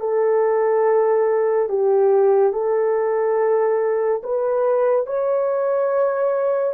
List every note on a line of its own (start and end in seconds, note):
0.00 1.69 A4
1.69 2.53 G4
2.53 4.22 A4
4.23 5.07 B4
5.07 6.74 C#5